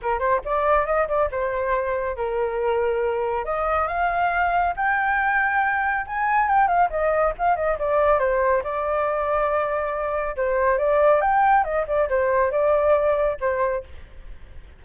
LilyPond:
\new Staff \with { instrumentName = "flute" } { \time 4/4 \tempo 4 = 139 ais'8 c''8 d''4 dis''8 d''8 c''4~ | c''4 ais'2. | dis''4 f''2 g''4~ | g''2 gis''4 g''8 f''8 |
dis''4 f''8 dis''8 d''4 c''4 | d''1 | c''4 d''4 g''4 dis''8 d''8 | c''4 d''2 c''4 | }